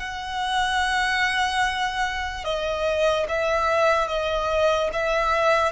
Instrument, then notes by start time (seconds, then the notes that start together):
violin
0.00 F#5
2.45 D#5
3.29 E5
4.08 D#5
4.93 E5